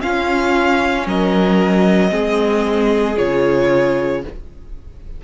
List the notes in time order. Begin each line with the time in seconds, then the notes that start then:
0.00 C#4 F4 F5
1.07 F#3 A#4 D#5
2.09 G#3 C4 G#4
3.17 C#3 F4 C#5